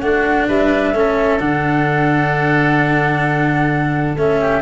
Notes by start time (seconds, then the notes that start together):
0.00 A3 D4 F#4 F#5
0.48 G3 B4 E5
0.93 A3 C#4
0.99 A4
1.39 D3 D4 F#5
4.16 A3 C#4 E5
4.40 G4